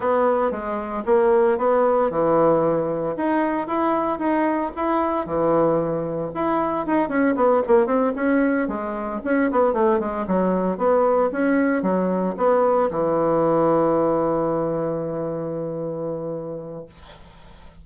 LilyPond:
\new Staff \with { instrumentName = "bassoon" } { \time 4/4 \tempo 4 = 114 b4 gis4 ais4 b4 | e2 dis'4 e'4 | dis'4 e'4 e2 | e'4 dis'8 cis'8 b8 ais8 c'8 cis'8~ |
cis'8 gis4 cis'8 b8 a8 gis8 fis8~ | fis8 b4 cis'4 fis4 b8~ | b8 e2.~ e8~ | e1 | }